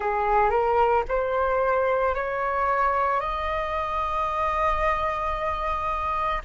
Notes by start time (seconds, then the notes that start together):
0.00 G#4
0.50 A#4
1.08 C5
2.14 C#5
3.20 D#5